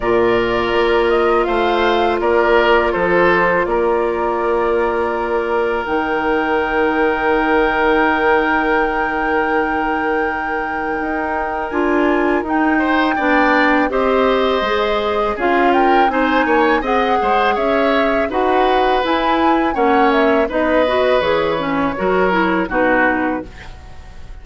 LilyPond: <<
  \new Staff \with { instrumentName = "flute" } { \time 4/4 \tempo 4 = 82 d''4. dis''8 f''4 d''4 | c''4 d''2. | g''1~ | g''1 |
gis''4 g''2 dis''4~ | dis''4 f''8 g''8 gis''4 fis''4 | e''4 fis''4 gis''4 fis''8 e''8 | dis''4 cis''2 b'4 | }
  \new Staff \with { instrumentName = "oboe" } { \time 4/4 ais'2 c''4 ais'4 | a'4 ais'2.~ | ais'1~ | ais'1~ |
ais'4. c''8 d''4 c''4~ | c''4 gis'8 ais'8 c''8 cis''8 dis''8 c''8 | cis''4 b'2 cis''4 | b'2 ais'4 fis'4 | }
  \new Staff \with { instrumentName = "clarinet" } { \time 4/4 f'1~ | f'1 | dis'1~ | dis'1 |
f'4 dis'4 d'4 g'4 | gis'4 f'4 dis'4 gis'4~ | gis'4 fis'4 e'4 cis'4 | dis'8 fis'8 gis'8 cis'8 fis'8 e'8 dis'4 | }
  \new Staff \with { instrumentName = "bassoon" } { \time 4/4 ais,4 ais4 a4 ais4 | f4 ais2. | dis1~ | dis2. dis'4 |
d'4 dis'4 b4 c'4 | gis4 cis'4 c'8 ais8 c'8 gis8 | cis'4 dis'4 e'4 ais4 | b4 e4 fis4 b,4 | }
>>